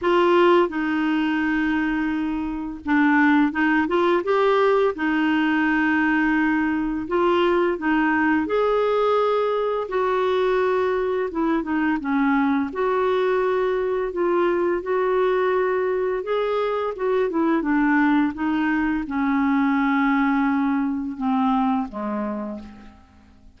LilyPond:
\new Staff \with { instrumentName = "clarinet" } { \time 4/4 \tempo 4 = 85 f'4 dis'2. | d'4 dis'8 f'8 g'4 dis'4~ | dis'2 f'4 dis'4 | gis'2 fis'2 |
e'8 dis'8 cis'4 fis'2 | f'4 fis'2 gis'4 | fis'8 e'8 d'4 dis'4 cis'4~ | cis'2 c'4 gis4 | }